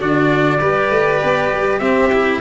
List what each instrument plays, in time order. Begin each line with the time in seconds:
0.00 tuba D3, cello D4, violin F#4, trumpet D5
0.60 tuba G3, cello G4, violin B4
0.90 tuba A3
1.24 tuba B3
1.53 tuba G3
1.79 tuba C4, cello C4, violin G4, trumpet E5
2.13 cello E4